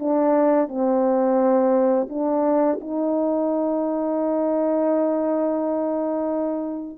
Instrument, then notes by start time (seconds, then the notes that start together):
horn
0.00 D4
0.68 C4
2.10 D4
2.81 D#4